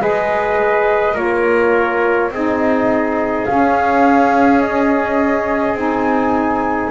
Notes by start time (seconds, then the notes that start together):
0.00 G#3 G#4 B4 D#5
1.13 A#3 F4 A#4 C#5
2.30 C4 D#4 G#4 D#5
3.45 C#4 F5
4.61 D#5
5.74 C4 D#4 G#5